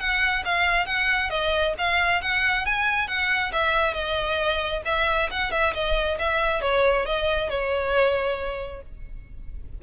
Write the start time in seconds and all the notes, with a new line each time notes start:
0.00 F#5
0.45 F5
0.86 F#5
1.30 D#5
1.78 F5
2.22 F#5
2.66 G#5
3.08 F#5
3.53 E5
3.94 D#5
4.86 E5
5.31 F#5
5.52 E5
5.75 D#5
6.19 E5
6.62 C#5
7.06 D#5
7.50 C#5